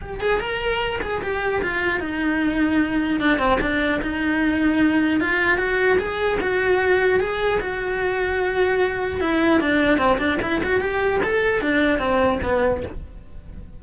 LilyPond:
\new Staff \with { instrumentName = "cello" } { \time 4/4 \tempo 4 = 150 g'8 gis'8 ais'4. gis'8 g'4 | f'4 dis'2. | d'8 c'8 d'4 dis'2~ | dis'4 f'4 fis'4 gis'4 |
fis'2 gis'4 fis'4~ | fis'2. e'4 | d'4 c'8 d'8 e'8 fis'8 g'4 | a'4 d'4 c'4 b4 | }